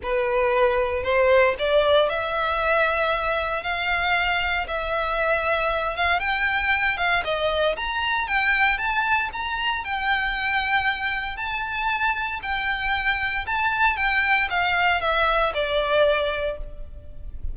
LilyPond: \new Staff \with { instrumentName = "violin" } { \time 4/4 \tempo 4 = 116 b'2 c''4 d''4 | e''2. f''4~ | f''4 e''2~ e''8 f''8 | g''4. f''8 dis''4 ais''4 |
g''4 a''4 ais''4 g''4~ | g''2 a''2 | g''2 a''4 g''4 | f''4 e''4 d''2 | }